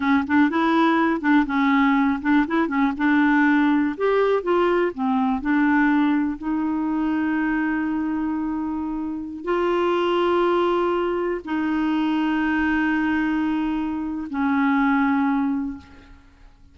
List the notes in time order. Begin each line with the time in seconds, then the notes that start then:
0.00 C#4
0.27 D4
0.50 E4
1.20 D4
1.46 C#4
2.21 D4
2.47 E4
2.67 C#4
2.97 D4
3.97 G4
4.42 F4
4.94 C4
5.41 D4
6.38 D#4
9.44 F4
11.45 D#4
14.30 C#4